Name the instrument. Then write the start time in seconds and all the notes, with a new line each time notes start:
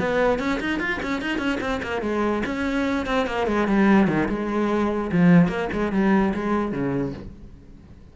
cello
0.00 B3
0.40 C#4
0.61 D#4
0.80 F4
1.03 C#4
1.22 D#4
1.39 C#4
1.61 C4
1.83 A#3
2.02 G#3
2.46 C#4
3.07 C4
3.27 A#3
3.47 G#3
3.68 G3
4.08 D#3
4.29 G#3
5.12 F3
5.48 A#3
5.73 G#3
5.93 G3
6.35 G#3
6.73 C#3